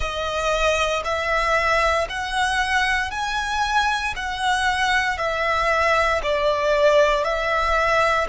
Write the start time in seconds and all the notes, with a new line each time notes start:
0.00 D#5
1.04 E5
2.09 F#5
3.10 G#5
4.16 F#5
5.17 E5
6.23 D5
7.24 E5